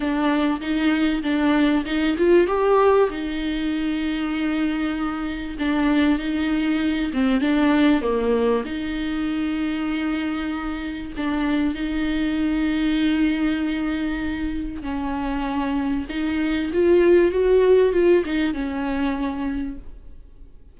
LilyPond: \new Staff \with { instrumentName = "viola" } { \time 4/4 \tempo 4 = 97 d'4 dis'4 d'4 dis'8 f'8 | g'4 dis'2.~ | dis'4 d'4 dis'4. c'8 | d'4 ais4 dis'2~ |
dis'2 d'4 dis'4~ | dis'1 | cis'2 dis'4 f'4 | fis'4 f'8 dis'8 cis'2 | }